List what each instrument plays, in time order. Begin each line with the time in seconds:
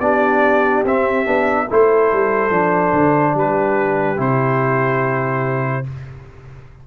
0.00 tuba B3, trombone D4, horn G4, trumpet D5
0.84 tuba C4, trombone C4, trumpet E5
1.25 tuba B3, trombone D4
1.68 tuba A3, trombone E4, horn A4, trumpet C5
2.12 tuba G3
2.50 tuba F3, trombone D4
2.93 tuba D3
3.34 tuba G3, horn G4, trumpet B4
4.17 tuba C3, trombone E4, trumpet C5